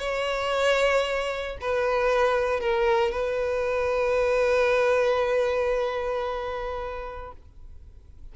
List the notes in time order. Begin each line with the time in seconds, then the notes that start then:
0.00 C#5
1.61 B4
2.61 A#4
3.12 B4